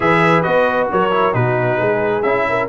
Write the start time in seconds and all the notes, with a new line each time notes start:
0.00 E3 G#4 B4 E5
0.42 B3 F#4 D#5
0.91 F#3 A#4 C#5
1.11 E4
1.33 B2 D#4 F#4 B4
1.77 G#3 G#4
2.22 C#4 E4 E5
2.49 A#4